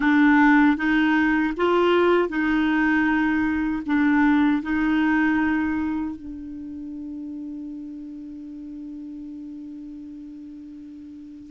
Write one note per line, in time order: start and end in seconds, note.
0.00 0.77 D4
0.77 1.53 D#4
1.56 2.29 F4
2.29 3.83 D#4
3.86 4.62 D4
4.62 6.15 D#4
6.15 11.50 D4